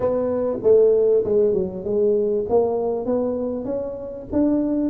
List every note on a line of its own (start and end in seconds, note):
0.00 0.58 B3
0.62 1.24 A3
1.24 1.53 G#3
1.53 1.84 F#3
1.84 2.45 G#3
2.49 3.05 A#3
3.05 3.64 B3
3.64 4.26 C#4
4.32 4.90 D4